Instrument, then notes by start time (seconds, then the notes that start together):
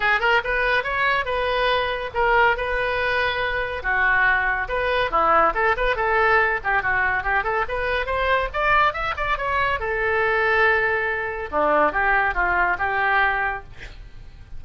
oboe
0.00 G#4
0.20 A#4
0.44 B4
0.83 C#5
1.25 B4
2.14 A#4
2.56 B4
3.82 F#4
4.68 B4
5.10 E4
5.54 A4
5.76 B4
5.96 A4
6.64 G4
6.82 F#4
7.23 G4
7.43 A4
7.68 B4
8.06 C5
8.53 D5
8.93 E5
9.16 D5
9.37 C#5
9.79 A4
11.51 D4
11.92 G4
12.34 F4
12.78 G4